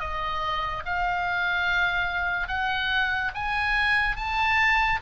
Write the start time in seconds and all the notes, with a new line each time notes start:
0.00 D#5
0.85 F5
2.48 F#5
3.34 G#5
4.16 A5